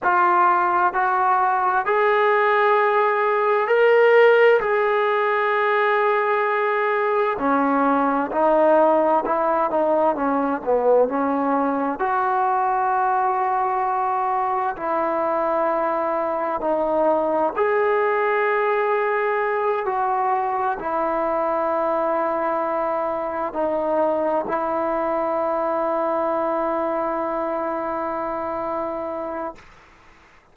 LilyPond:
\new Staff \with { instrumentName = "trombone" } { \time 4/4 \tempo 4 = 65 f'4 fis'4 gis'2 | ais'4 gis'2. | cis'4 dis'4 e'8 dis'8 cis'8 b8 | cis'4 fis'2. |
e'2 dis'4 gis'4~ | gis'4. fis'4 e'4.~ | e'4. dis'4 e'4.~ | e'1 | }